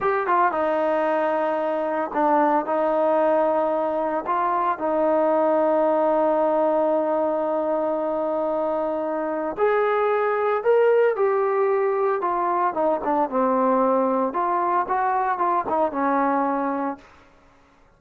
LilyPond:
\new Staff \with { instrumentName = "trombone" } { \time 4/4 \tempo 4 = 113 g'8 f'8 dis'2. | d'4 dis'2. | f'4 dis'2.~ | dis'1~ |
dis'2 gis'2 | ais'4 g'2 f'4 | dis'8 d'8 c'2 f'4 | fis'4 f'8 dis'8 cis'2 | }